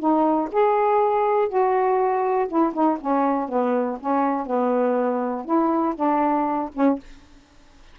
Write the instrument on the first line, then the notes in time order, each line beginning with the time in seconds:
saxophone
0.00 D#4
0.53 G#4
1.49 F#4
2.49 E4
2.74 D#4
3.01 C#4
3.49 B3
4.01 C#4
4.47 B3
5.46 E4
5.96 D4
6.75 C#4